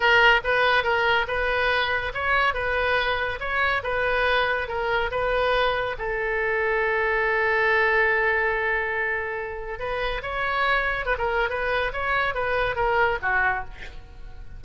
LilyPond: \new Staff \with { instrumentName = "oboe" } { \time 4/4 \tempo 4 = 141 ais'4 b'4 ais'4 b'4~ | b'4 cis''4 b'2 | cis''4 b'2 ais'4 | b'2 a'2~ |
a'1~ | a'2. b'4 | cis''2 b'16 ais'8. b'4 | cis''4 b'4 ais'4 fis'4 | }